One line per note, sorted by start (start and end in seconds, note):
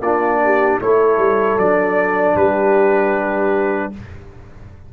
0.00 0.78 A#3
0.00 0.81 D4
0.00 0.40 F4
0.00 0.79 D5
0.44 0.81 G4
0.81 1.17 A3
0.81 1.59 E4
0.81 2.37 A4
0.81 1.58 C#5
1.17 1.56 G3
1.57 2.35 F#3
1.57 3.93 D4
1.57 2.36 D5
2.35 3.91 G3
2.35 3.93 G4
2.35 3.92 B4